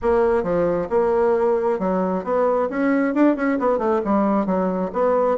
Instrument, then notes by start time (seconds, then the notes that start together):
bassoon
0.02 A#3
0.43 F3
0.89 A#3
1.79 F#3
2.24 B3
2.69 C#4
3.14 D4
3.35 C#4
3.59 B3
3.78 A3
4.04 G3
4.46 F#3
4.92 B3